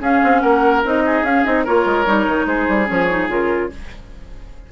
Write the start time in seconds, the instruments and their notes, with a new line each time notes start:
0.00 bassoon C#4, clarinet C#4, oboe G#4, flute F5
0.23 bassoon C4
0.40 bassoon A#3, oboe A#4, flute F#5
0.84 bassoon C4, clarinet D#4, flute D#5
1.05 oboe G#4
1.22 bassoon C#4, clarinet C#4, flute F5
1.44 bassoon C4, clarinet D#4, flute D#5
1.64 bassoon A#3, clarinet F4, oboe A#4, flute C#5
1.85 bassoon G#3
2.05 bassoon G3, clarinet D#4
2.27 bassoon D#3
2.46 bassoon G#3, oboe G#4, flute C5
2.68 bassoon G3
2.85 bassoon F3, clarinet C#4, flute C#5
3.10 clarinet D#4
3.28 bassoon C#3, clarinet F4, flute A#4